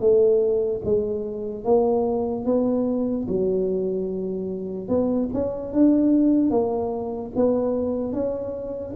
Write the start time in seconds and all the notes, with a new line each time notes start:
0.00 A3
0.84 G#3
1.64 A#3
2.45 B3
3.28 F#3
4.88 B3
5.33 C#4
5.72 D4
6.50 A#3
7.35 B3
8.12 C#4